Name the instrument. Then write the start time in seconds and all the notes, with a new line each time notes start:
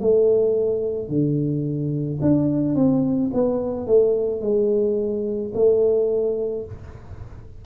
tuba
0.00 A3
1.08 D3
2.21 D4
2.75 C4
3.33 B3
3.86 A3
4.41 G#3
5.54 A3